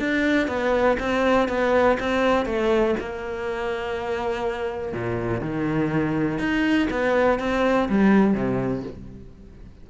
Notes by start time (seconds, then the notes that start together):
0.00 D4
0.48 B3
1.00 C4
1.49 B3
2.00 C4
2.46 A3
3.00 A#3
4.93 A#2
5.41 D#3
6.39 D#4
6.91 B3
7.39 C4
7.89 G3
8.35 C3